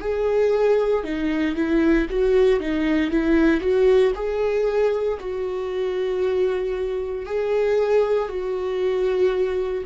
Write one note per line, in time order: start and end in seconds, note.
0.00 1.03 G#4
1.03 1.55 D#4
1.55 2.07 E4
2.09 2.60 F#4
2.60 3.10 D#4
3.10 3.61 E4
3.61 4.12 F#4
4.15 5.18 G#4
5.20 7.26 F#4
7.26 8.29 G#4
8.29 9.84 F#4